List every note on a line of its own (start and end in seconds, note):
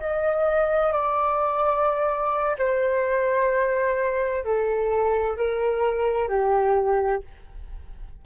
0.00 0.93 D#5
0.93 2.57 D5
2.58 4.44 C5
4.44 5.37 A4
5.37 6.29 A#4
6.29 7.22 G4